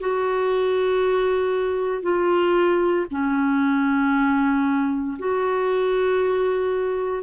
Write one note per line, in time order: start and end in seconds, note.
0.00 2.03 F#4
2.03 3.06 F4
3.11 5.18 C#4
5.19 7.23 F#4